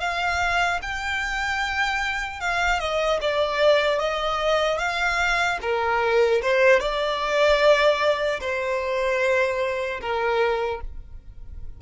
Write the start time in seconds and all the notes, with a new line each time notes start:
0.00 F5
0.82 G5
2.40 F5
2.80 D#5
3.21 D5
3.99 D#5
4.79 F5
5.62 A#4
6.42 C5
6.80 D5
8.40 C5
10.01 A#4